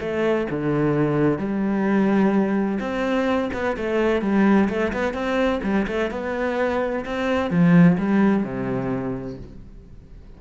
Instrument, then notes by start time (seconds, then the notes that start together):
cello
0.00 A3
0.50 D3
1.38 G3
2.80 C4
3.53 B3
3.77 A3
4.21 G3
4.69 A3
4.93 B3
5.13 C4
5.63 G3
5.87 A3
6.11 B3
7.05 C4
7.50 F3
7.98 G3
8.43 C3